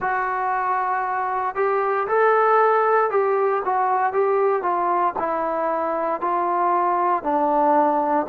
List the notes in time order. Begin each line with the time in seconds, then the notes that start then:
0.00 F#4
1.55 G4
2.07 A4
3.10 G4
3.64 F#4
4.12 G4
4.62 F4
5.18 E4
6.21 F4
7.23 D4